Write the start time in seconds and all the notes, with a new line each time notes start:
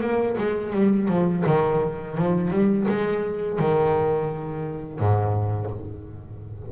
0.00 A#3
0.37 G#3
0.72 G3
1.08 F3
1.46 D#3
2.17 F3
2.50 G3
2.88 G#3
3.59 D#3
4.99 G#2